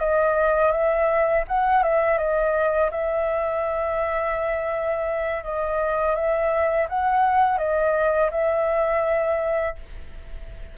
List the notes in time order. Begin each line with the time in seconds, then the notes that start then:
0.00 D#5
0.72 E5
1.48 F#5
1.83 E5
2.18 D#5
2.91 E5
5.44 D#5
6.15 E5
6.89 F#5
7.58 D#5
8.31 E5